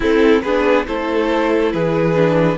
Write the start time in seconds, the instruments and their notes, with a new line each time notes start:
0.00 cello C4, viola C4, violin E4 A4
0.42 cello B3, viola D4, violin G#4 B4
0.86 cello A3, viola E4, violin A4 C5
1.72 cello E3, violin G#4 B4
2.15 viola D4